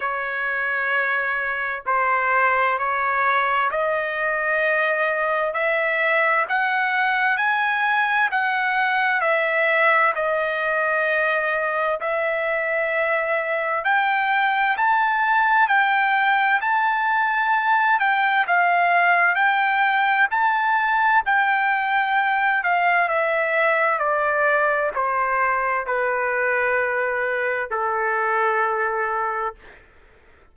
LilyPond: \new Staff \with { instrumentName = "trumpet" } { \time 4/4 \tempo 4 = 65 cis''2 c''4 cis''4 | dis''2 e''4 fis''4 | gis''4 fis''4 e''4 dis''4~ | dis''4 e''2 g''4 |
a''4 g''4 a''4. g''8 | f''4 g''4 a''4 g''4~ | g''8 f''8 e''4 d''4 c''4 | b'2 a'2 | }